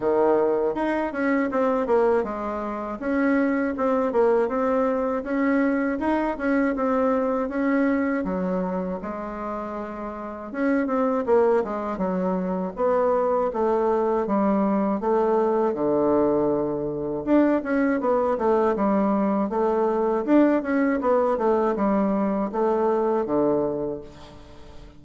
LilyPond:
\new Staff \with { instrumentName = "bassoon" } { \time 4/4 \tempo 4 = 80 dis4 dis'8 cis'8 c'8 ais8 gis4 | cis'4 c'8 ais8 c'4 cis'4 | dis'8 cis'8 c'4 cis'4 fis4 | gis2 cis'8 c'8 ais8 gis8 |
fis4 b4 a4 g4 | a4 d2 d'8 cis'8 | b8 a8 g4 a4 d'8 cis'8 | b8 a8 g4 a4 d4 | }